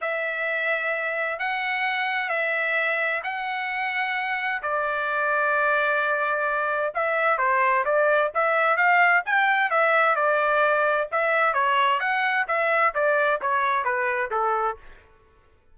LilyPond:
\new Staff \with { instrumentName = "trumpet" } { \time 4/4 \tempo 4 = 130 e''2. fis''4~ | fis''4 e''2 fis''4~ | fis''2 d''2~ | d''2. e''4 |
c''4 d''4 e''4 f''4 | g''4 e''4 d''2 | e''4 cis''4 fis''4 e''4 | d''4 cis''4 b'4 a'4 | }